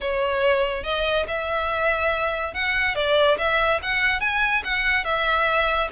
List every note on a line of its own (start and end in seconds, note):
0.00 0.83 C#5
0.83 1.26 D#5
1.27 2.54 E5
2.54 2.95 F#5
2.95 3.37 D5
3.38 3.80 E5
3.82 4.20 F#5
4.20 4.62 G#5
4.64 5.04 F#5
5.04 5.88 E5